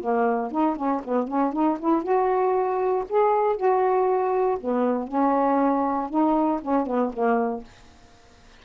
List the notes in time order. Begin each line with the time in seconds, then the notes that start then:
0.00 A#3
0.51 D#4
0.76 C#4
1.04 B3
1.27 C#4
1.52 D#4
1.79 E4
2.02 F#4
3.09 G#4
3.56 F#4
4.59 B3
5.08 C#4
6.09 D#4
6.61 C#4
6.86 B3
7.13 A#3